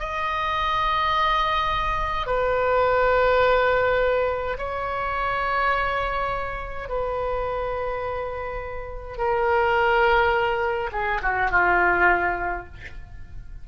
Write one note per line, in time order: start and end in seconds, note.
0.00 2.27 D#5
2.27 4.58 B4
4.58 6.89 C#5
6.89 9.18 B4
9.18 10.91 A#4
10.92 11.21 G#4
11.23 11.51 F#4
11.51 12.67 F4